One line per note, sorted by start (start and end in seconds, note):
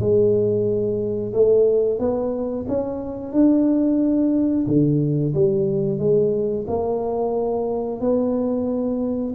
0.00 1.33 G#3
1.34 1.99 A3
1.99 2.66 B3
2.68 3.33 C#4
3.33 4.66 D4
4.67 5.34 D3
5.35 5.99 G3
5.99 6.65 G#3
6.68 8.01 A#3
8.01 9.34 B3